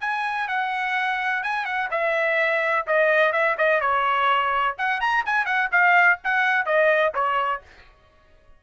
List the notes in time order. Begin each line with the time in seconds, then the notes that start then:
0.00 G#5
0.48 F#5
1.43 G#5
1.65 F#5
1.91 E5
2.86 D#5
3.32 E5
3.57 D#5
3.81 C#5
4.77 F#5
5.00 A#5
5.26 G#5
5.45 F#5
5.71 F5
6.24 F#5
6.65 D#5
7.14 C#5